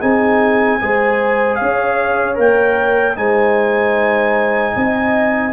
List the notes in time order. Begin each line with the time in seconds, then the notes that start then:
0.00 C4 D#4 G#4 G#5
0.80 G#3 G#4 C5
1.55 C#4 C#5 F5
2.35 A#3 A#4 G5
3.15 G#3 D#4 C5 G#5
4.75 C4 D#5